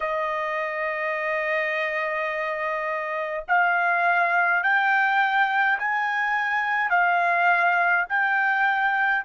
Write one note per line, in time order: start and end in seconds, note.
0.00 3.44 D#5
3.48 4.63 F5
4.63 5.78 G5
5.78 6.90 G#5
6.90 8.05 F5
8.09 9.24 G5